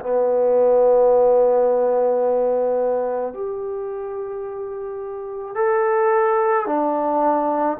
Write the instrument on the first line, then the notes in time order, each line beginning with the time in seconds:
trombone
0.00 B3
3.33 G4
5.55 A4
6.66 D4